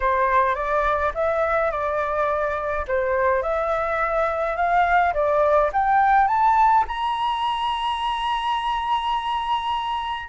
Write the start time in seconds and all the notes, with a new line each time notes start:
0.00 C5
0.55 D5
1.14 E5
1.71 D5
2.87 C5
3.42 E5
4.56 F5
5.13 D5
5.72 G5
6.27 A5
6.87 A#5